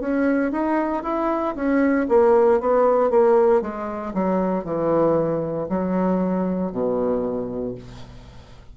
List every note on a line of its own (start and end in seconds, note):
0.00 0.51 C#4
0.51 1.03 D#4
1.03 1.55 E4
1.55 2.06 C#4
2.08 2.60 A#3
2.60 3.10 B3
3.10 3.61 A#3
3.61 4.13 G#3
4.13 4.64 F#3
4.64 5.68 E3
5.68 6.71 F#3
6.71 7.75 B2